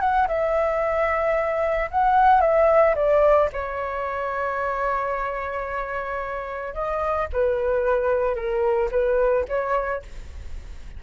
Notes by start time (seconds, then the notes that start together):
0.00 F#5
0.28 E5
1.91 F#5
2.41 E5
2.95 D5
3.53 C#5
6.74 D#5
7.32 B4
8.35 A#4
8.91 B4
9.48 C#5